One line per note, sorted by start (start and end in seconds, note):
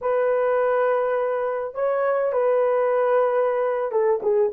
0.01 1.74 B4
1.74 2.32 C#5
2.32 3.91 B4
3.91 4.20 A4
4.22 4.51 G#4